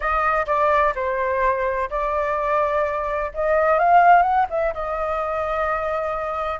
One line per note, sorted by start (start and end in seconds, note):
0.00 0.46 D#5
0.46 0.93 D5
0.95 1.89 C5
1.90 3.31 D5
3.33 3.78 D#5
3.78 4.22 F5
4.22 4.46 F#5
4.49 4.73 E5
4.74 6.59 D#5